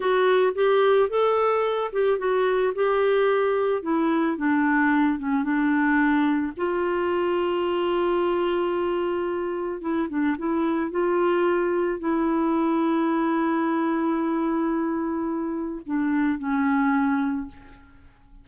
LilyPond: \new Staff \with { instrumentName = "clarinet" } { \time 4/4 \tempo 4 = 110 fis'4 g'4 a'4. g'8 | fis'4 g'2 e'4 | d'4. cis'8 d'2 | f'1~ |
f'2 e'8 d'8 e'4 | f'2 e'2~ | e'1~ | e'4 d'4 cis'2 | }